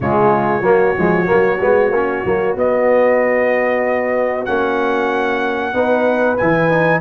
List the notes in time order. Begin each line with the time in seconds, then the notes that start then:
0.00 C#3 G#3 F4 C#5
0.61 F#3 A#3 F#4
0.97 F3 G#3
1.25 A#3
1.32 F#3
1.60 G#3 B3
1.90 A#3 C#4
2.24 F#3 A#3
2.55 B3 D#5
4.45 A#3 C#4 F#5
5.73 B3 D#4 B4
6.37 E3 E4 G#5
6.69 D#4